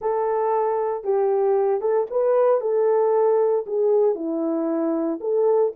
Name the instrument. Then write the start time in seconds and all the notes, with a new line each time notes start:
horn
0.01 A4
1.04 G4
1.80 A4
2.10 B4
2.60 A4
3.66 G#4
4.15 E4
5.20 A4